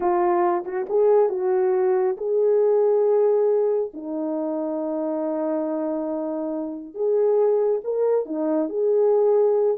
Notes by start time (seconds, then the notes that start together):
0.00 F4
0.64 F#4
0.89 G#4
1.29 F#4
2.17 G#4
3.93 D#4
6.94 G#4
7.84 A#4
8.25 D#4
8.69 G#4